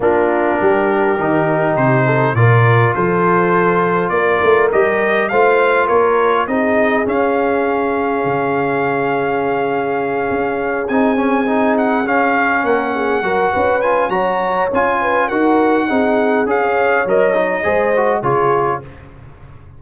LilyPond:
<<
  \new Staff \with { instrumentName = "trumpet" } { \time 4/4 \tempo 4 = 102 ais'2. c''4 | d''4 c''2 d''4 | dis''4 f''4 cis''4 dis''4 | f''1~ |
f''2~ f''8 gis''4. | fis''8 f''4 fis''2 gis''8 | ais''4 gis''4 fis''2 | f''4 dis''2 cis''4 | }
  \new Staff \with { instrumentName = "horn" } { \time 4/4 f'4 g'2~ g'8 a'8 | ais'4 a'2 ais'4~ | ais'4 c''4 ais'4 gis'4~ | gis'1~ |
gis'1~ | gis'4. ais'8 gis'8 ais'8 b'4 | cis''4. b'8 ais'4 gis'4~ | gis'16 cis''4.~ cis''16 c''4 gis'4 | }
  \new Staff \with { instrumentName = "trombone" } { \time 4/4 d'2 dis'2 | f'1 | g'4 f'2 dis'4 | cis'1~ |
cis'2~ cis'8 dis'8 cis'8 dis'8~ | dis'8 cis'2 fis'4 f'8 | fis'4 f'4 fis'4 dis'4 | gis'4 ais'8 dis'8 gis'8 fis'8 f'4 | }
  \new Staff \with { instrumentName = "tuba" } { \time 4/4 ais4 g4 dis4 c4 | ais,4 f2 ais8 a8 | g4 a4 ais4 c'4 | cis'2 cis2~ |
cis4. cis'4 c'4.~ | c'8 cis'4 ais4 fis8 cis'4 | fis4 cis'4 dis'4 c'4 | cis'4 fis4 gis4 cis4 | }
>>